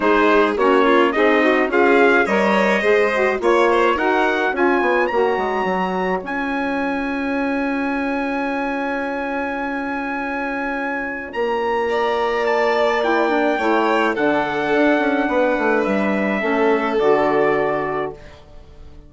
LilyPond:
<<
  \new Staff \with { instrumentName = "trumpet" } { \time 4/4 \tempo 4 = 106 c''4 cis''4 dis''4 f''4 | dis''2 cis''4 fis''4 | gis''4 ais''2 gis''4~ | gis''1~ |
gis''1 | ais''2 a''4 g''4~ | g''4 fis''2. | e''2 d''2 | }
  \new Staff \with { instrumentName = "violin" } { \time 4/4 gis'4 fis'8 f'8 dis'4 gis'4 | cis''4 c''4 cis''8 c''8 ais'4 | cis''1~ | cis''1~ |
cis''1~ | cis''4 d''2. | cis''4 a'2 b'4~ | b'4 a'2. | }
  \new Staff \with { instrumentName = "saxophone" } { \time 4/4 dis'4 cis'4 gis'8 fis'8 f'4 | ais'4 gis'8 fis'8 f'4 fis'4 | f'4 fis'2 f'4~ | f'1~ |
f'1~ | f'2. e'8 d'8 | e'4 d'2.~ | d'4 cis'4 fis'2 | }
  \new Staff \with { instrumentName = "bassoon" } { \time 4/4 gis4 ais4 c'4 cis'4 | g4 gis4 ais4 dis'4 | cis'8 b8 ais8 gis8 fis4 cis'4~ | cis'1~ |
cis'1 | ais1 | a4 d4 d'8 cis'8 b8 a8 | g4 a4 d2 | }
>>